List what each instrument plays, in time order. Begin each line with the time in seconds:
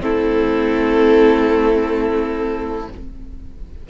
0.00 cello A3, viola C4, violin E4 A4